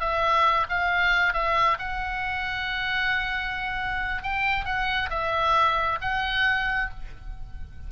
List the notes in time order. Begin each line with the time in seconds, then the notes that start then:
0.00 E5
0.69 F5
1.33 E5
1.79 F#5
4.23 G5
4.65 F#5
5.10 E5
6.01 F#5